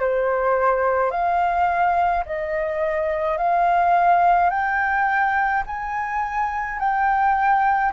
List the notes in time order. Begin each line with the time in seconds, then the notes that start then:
0.00 C5
1.11 F5
2.26 D#5
3.38 F5
4.50 G5
5.67 G#5
6.79 G5